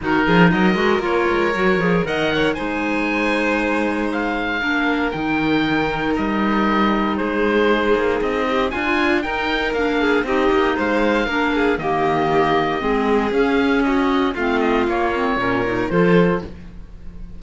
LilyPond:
<<
  \new Staff \with { instrumentName = "oboe" } { \time 4/4 \tempo 4 = 117 ais'4 dis''4 cis''2 | fis''4 gis''2. | f''2 g''2 | dis''2 c''2 |
dis''4 gis''4 g''4 f''4 | dis''4 f''2 dis''4~ | dis''2 f''4 dis''4 | f''8 dis''8 cis''2 c''4 | }
  \new Staff \with { instrumentName = "violin" } { \time 4/4 fis'8 gis'8 ais'2. | dis''8 cis''8 c''2.~ | c''4 ais'2.~ | ais'2 gis'2~ |
gis'8 g'8 f'4 ais'4. gis'8 | g'4 c''4 ais'8 gis'8 g'4~ | g'4 gis'2 fis'4 | f'2 ais'4 a'4 | }
  \new Staff \with { instrumentName = "clarinet" } { \time 4/4 dis'4. fis'8 f'4 fis'8 gis'8 | ais'4 dis'2.~ | dis'4 d'4 dis'2~ | dis'1~ |
dis'4 f'4 dis'4 d'4 | dis'2 d'4 ais4~ | ais4 c'4 cis'2 | c'4 ais8 c'8 cis'8 dis'8 f'4 | }
  \new Staff \with { instrumentName = "cello" } { \time 4/4 dis8 f8 fis8 gis8 ais8 gis8 fis8 f8 | dis4 gis2.~ | gis4 ais4 dis2 | g2 gis4. ais8 |
c'4 d'4 dis'4 ais4 | c'8 ais8 gis4 ais4 dis4~ | dis4 gis4 cis'2 | a4 ais4 ais,4 f4 | }
>>